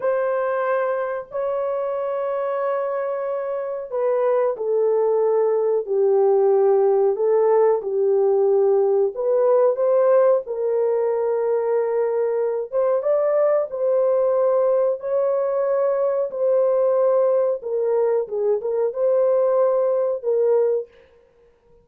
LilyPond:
\new Staff \with { instrumentName = "horn" } { \time 4/4 \tempo 4 = 92 c''2 cis''2~ | cis''2 b'4 a'4~ | a'4 g'2 a'4 | g'2 b'4 c''4 |
ais'2.~ ais'8 c''8 | d''4 c''2 cis''4~ | cis''4 c''2 ais'4 | gis'8 ais'8 c''2 ais'4 | }